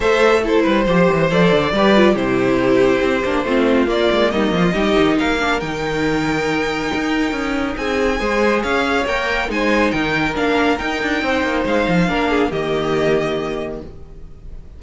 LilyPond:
<<
  \new Staff \with { instrumentName = "violin" } { \time 4/4 \tempo 4 = 139 e''4 c''2 d''4~ | d''4 c''2.~ | c''4 d''4 dis''2 | f''4 g''2.~ |
g''2 gis''2 | f''4 g''4 gis''4 g''4 | f''4 g''2 f''4~ | f''4 dis''2. | }
  \new Staff \with { instrumentName = "violin" } { \time 4/4 c''4 a'8 b'8 c''2 | b'4 g'2. | f'2 dis'8 f'8 g'4 | ais'1~ |
ais'2 gis'4 c''4 | cis''2 c''4 ais'4~ | ais'2 c''2 | ais'8 gis'8 g'2. | }
  \new Staff \with { instrumentName = "viola" } { \time 4/4 a'4 e'4 g'4 a'4 | g'8 f'8 e'2~ e'8 d'8 | c'4 ais2 dis'4~ | dis'8 d'8 dis'2.~ |
dis'2. gis'4~ | gis'4 ais'4 dis'2 | d'4 dis'2. | d'4 ais2. | }
  \new Staff \with { instrumentName = "cello" } { \time 4/4 a4. g8 f8 e8 f8 d8 | g4 c2 c'8 ais8 | a4 ais8 gis8 g8 f8 g8 dis8 | ais4 dis2. |
dis'4 cis'4 c'4 gis4 | cis'4 ais4 gis4 dis4 | ais4 dis'8 d'8 c'8 ais8 gis8 f8 | ais4 dis2. | }
>>